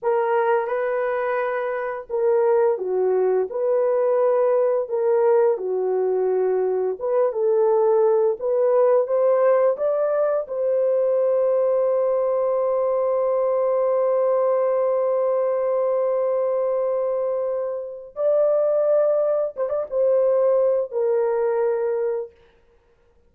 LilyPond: \new Staff \with { instrumentName = "horn" } { \time 4/4 \tempo 4 = 86 ais'4 b'2 ais'4 | fis'4 b'2 ais'4 | fis'2 b'8 a'4. | b'4 c''4 d''4 c''4~ |
c''1~ | c''1~ | c''2 d''2 | c''16 d''16 c''4. ais'2 | }